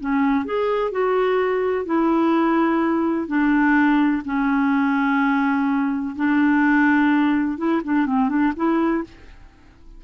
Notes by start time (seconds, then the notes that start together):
0.00 C#4
0.45 G#4
0.92 F#4
1.85 E4
3.27 D4
4.25 C#4
6.16 D4
7.58 E4
7.84 D4
8.06 C4
8.29 D4
8.56 E4